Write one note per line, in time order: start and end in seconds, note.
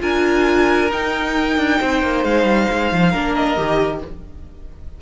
0.00 0.91 D4
0.00 0.89 F4
0.00 1.80 A#4
0.00 0.91 G#5
0.91 1.57 D#4
0.91 3.14 D#4
0.91 2.24 G5
1.57 1.80 D4
1.80 2.02 C4
1.80 3.10 C5
2.02 2.24 A#3
2.24 2.44 G#3
2.24 3.35 F5
2.44 2.67 G3
2.70 2.92 G#3
2.92 3.14 F3
3.10 3.57 A#3
3.10 3.57 D4
3.10 3.99 A#4
3.35 4.02 D#5
3.57 4.01 D#3
3.57 4.01 G4